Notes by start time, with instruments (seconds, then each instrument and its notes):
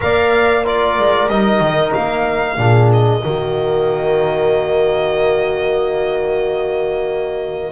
0.00 double bass A#3, trombone A#4, horn D5, violin F5
0.64 trombone F4, horn A#4, violin D5
0.98 double bass G#3
1.28 double bass G3, trombone D#4, violin D#5
1.59 double bass D#3
1.94 double bass A#3, violin F5
2.57 double bass A#2, trombone D4, horn G#4
2.92 violin D#5
3.21 double bass D#3, trombone A#3, horn F#4